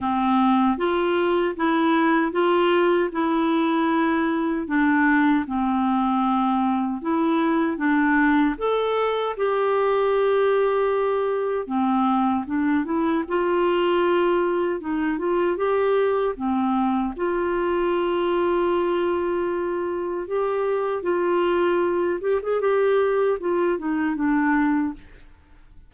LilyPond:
\new Staff \with { instrumentName = "clarinet" } { \time 4/4 \tempo 4 = 77 c'4 f'4 e'4 f'4 | e'2 d'4 c'4~ | c'4 e'4 d'4 a'4 | g'2. c'4 |
d'8 e'8 f'2 dis'8 f'8 | g'4 c'4 f'2~ | f'2 g'4 f'4~ | f'8 g'16 gis'16 g'4 f'8 dis'8 d'4 | }